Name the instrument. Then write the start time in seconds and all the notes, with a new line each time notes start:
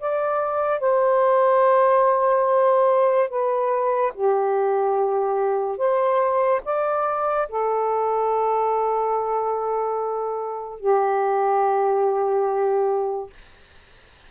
saxophone
0.00 D5
0.81 C5
3.30 B4
4.15 G4
5.78 C5
6.65 D5
7.49 A4
10.80 G4